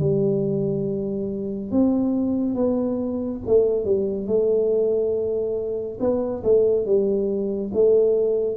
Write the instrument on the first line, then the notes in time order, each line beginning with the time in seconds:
tuba
0.00 G3
1.72 C4
2.55 B3
3.47 A3
3.85 G3
4.27 A3
6.00 B3
6.44 A3
6.86 G3
7.74 A3